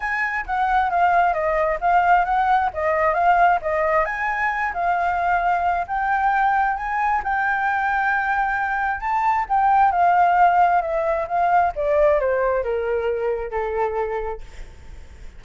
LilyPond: \new Staff \with { instrumentName = "flute" } { \time 4/4 \tempo 4 = 133 gis''4 fis''4 f''4 dis''4 | f''4 fis''4 dis''4 f''4 | dis''4 gis''4. f''4.~ | f''4 g''2 gis''4 |
g''1 | a''4 g''4 f''2 | e''4 f''4 d''4 c''4 | ais'2 a'2 | }